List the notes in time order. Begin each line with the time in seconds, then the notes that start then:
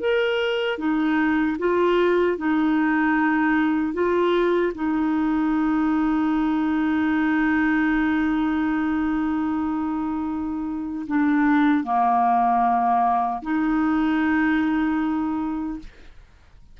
0.00 A#4
0.78 D#4
1.59 F4
2.38 D#4
3.93 F4
4.75 D#4
11.07 D4
11.84 A#3
13.42 D#4